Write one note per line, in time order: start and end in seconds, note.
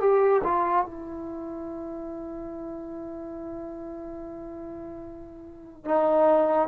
0.00 0.42 G4
0.43 0.85 F4
0.85 5.84 E4
5.84 6.68 D#4